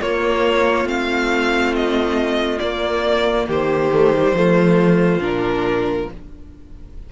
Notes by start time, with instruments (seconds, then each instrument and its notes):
0.00 viola A#3, cello A#3, violin F4 C#5
0.84 cello A3, viola C4, violin F5
1.75 violin D#5
2.59 cello A#3, viola A#3, violin D5
3.47 cello D#3, violin G4 C5
3.92 viola A3
4.14 viola G3
4.33 cello F3, viola A3, violin F4
5.18 cello A#2, viola D4, violin A#4